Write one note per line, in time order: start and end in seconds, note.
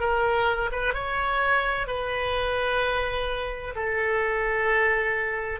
0.00 0.70 A#4
0.72 0.94 B4
0.94 1.87 C#5
1.87 3.75 B4
3.75 5.60 A4